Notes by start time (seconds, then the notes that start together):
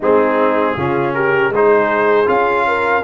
0.00 G#3 C4 D#4 G#4
0.76 C#3 C#4 F4
1.14 G4 A#4
1.49 G#3 G#4
1.55 D#4 C5
2.26 C#4 F4 F5
2.67 A#4